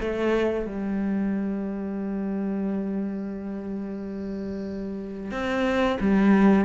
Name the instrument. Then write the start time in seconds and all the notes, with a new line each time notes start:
cello
0.00 A3
0.66 G3
5.31 C4
6.00 G3